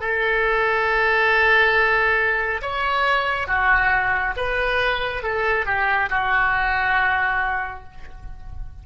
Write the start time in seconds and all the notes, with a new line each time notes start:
0.00 A4
2.62 C#5
3.47 F#4
4.36 B4
5.23 A4
5.66 G4
6.10 F#4